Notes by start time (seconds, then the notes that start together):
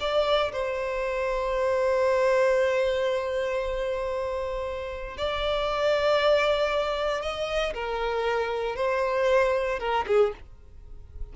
0.00 D5
0.52 C5
5.17 D5
7.22 D#5
7.74 A#4
8.76 C5
9.79 A#4
10.07 G#4